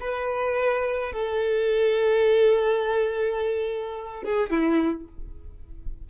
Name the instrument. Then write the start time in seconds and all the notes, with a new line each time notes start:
violin
0.00 B4
1.12 A4
4.24 G#4
4.51 E4